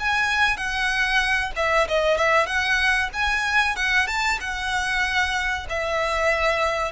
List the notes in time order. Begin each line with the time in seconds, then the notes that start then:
0.00 G#5
0.57 F#5
1.56 E5
1.88 D#5
2.18 E5
2.47 F#5
3.13 G#5
3.76 F#5
4.07 A5
4.41 F#5
5.69 E5